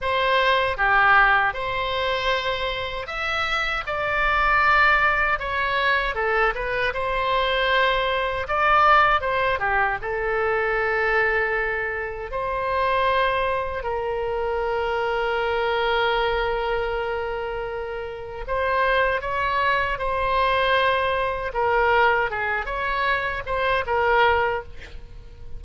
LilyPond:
\new Staff \with { instrumentName = "oboe" } { \time 4/4 \tempo 4 = 78 c''4 g'4 c''2 | e''4 d''2 cis''4 | a'8 b'8 c''2 d''4 | c''8 g'8 a'2. |
c''2 ais'2~ | ais'1 | c''4 cis''4 c''2 | ais'4 gis'8 cis''4 c''8 ais'4 | }